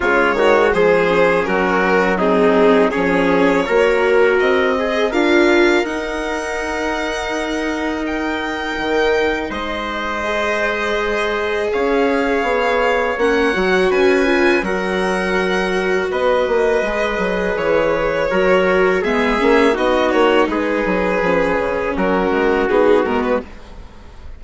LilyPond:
<<
  \new Staff \with { instrumentName = "violin" } { \time 4/4 \tempo 4 = 82 cis''4 c''4 ais'4 gis'4 | cis''2 dis''4 f''4 | fis''2. g''4~ | g''4 dis''2. |
f''2 fis''4 gis''4 | fis''2 dis''2 | cis''2 e''4 dis''8 cis''8 | b'2 ais'4 gis'8 ais'16 b'16 | }
  \new Staff \with { instrumentName = "trumpet" } { \time 4/4 f'8 fis'8 gis'4 fis'4 dis'4 | gis'4 ais'4. gis'8 ais'4~ | ais'1~ | ais'4 c''2. |
cis''2. b'4 | ais'2 b'2~ | b'4 ais'4 gis'4 fis'4 | gis'2 fis'2 | }
  \new Staff \with { instrumentName = "viola" } { \time 4/4 gis4. cis'4. c'4 | cis'4 fis'4. gis'8 f'4 | dis'1~ | dis'2 gis'2~ |
gis'2 cis'8 fis'4 f'8 | fis'2. gis'4~ | gis'4 fis'4 b8 cis'8 dis'4~ | dis'4 cis'2 dis'8 b8 | }
  \new Staff \with { instrumentName = "bassoon" } { \time 4/4 cis8 dis8 f4 fis2 | f4 ais4 c'4 d'4 | dis'1 | dis4 gis2. |
cis'4 b4 ais8 fis8 cis'4 | fis2 b8 ais8 gis8 fis8 | e4 fis4 gis8 ais8 b8 ais8 | gis8 fis8 f8 cis8 fis8 gis8 b8 gis8 | }
>>